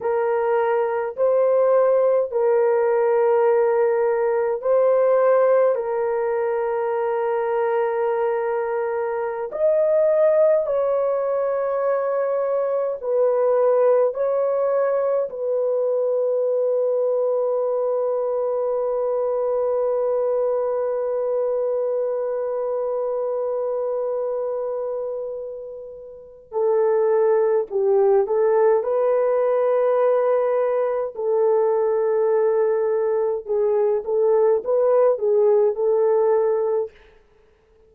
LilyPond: \new Staff \with { instrumentName = "horn" } { \time 4/4 \tempo 4 = 52 ais'4 c''4 ais'2 | c''4 ais'2.~ | ais'16 dis''4 cis''2 b'8.~ | b'16 cis''4 b'2~ b'8.~ |
b'1~ | b'2. a'4 | g'8 a'8 b'2 a'4~ | a'4 gis'8 a'8 b'8 gis'8 a'4 | }